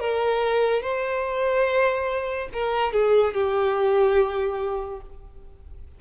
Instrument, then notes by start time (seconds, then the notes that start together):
violin
0.00 A#4
0.82 C5
2.53 A#4
2.93 G#4
3.34 G4